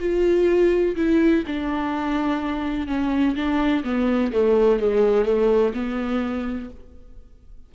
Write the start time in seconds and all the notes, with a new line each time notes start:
0.00 F4
0.96 E4
1.47 D4
2.88 C#4
3.36 D4
3.84 B3
4.33 A3
4.80 G#3
5.26 A3
5.74 B3